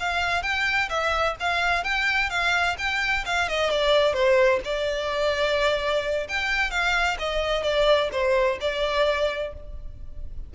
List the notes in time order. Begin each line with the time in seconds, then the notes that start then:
0.00 F5
0.43 G5
0.90 E5
1.40 F5
1.84 G5
2.30 F5
2.78 G5
3.26 F5
3.49 D#5
3.71 D5
4.14 C5
4.65 D5
6.29 G5
6.71 F5
7.19 D#5
7.64 D5
8.13 C5
8.61 D5